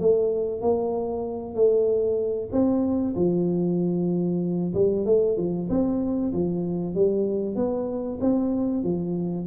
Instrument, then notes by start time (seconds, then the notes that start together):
tuba
0.00 A3
0.61 A#3
1.55 A3
2.52 C4
3.16 F3
4.74 G3
5.06 A3
5.37 F3
5.70 C4
6.33 F3
6.95 G3
7.56 B3
8.21 C4
8.84 F3